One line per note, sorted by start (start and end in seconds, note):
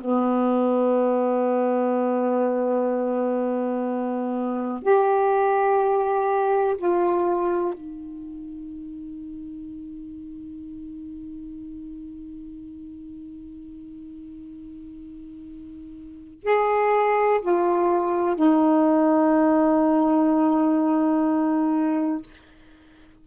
0.00 4.82 B3
4.82 6.76 G4
6.77 7.73 F4
7.73 16.43 D#4
16.43 17.40 G#4
17.41 18.35 F4
18.35 22.22 D#4